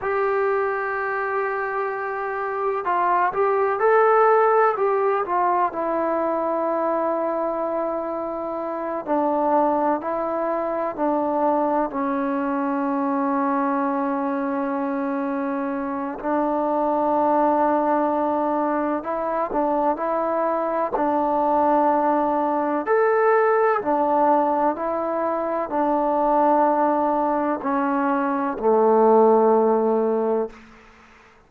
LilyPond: \new Staff \with { instrumentName = "trombone" } { \time 4/4 \tempo 4 = 63 g'2. f'8 g'8 | a'4 g'8 f'8 e'2~ | e'4. d'4 e'4 d'8~ | d'8 cis'2.~ cis'8~ |
cis'4 d'2. | e'8 d'8 e'4 d'2 | a'4 d'4 e'4 d'4~ | d'4 cis'4 a2 | }